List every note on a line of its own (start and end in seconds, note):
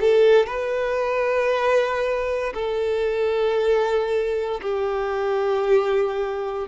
0.00 0.46 A4
0.46 2.53 B4
2.53 4.60 A4
4.61 6.67 G4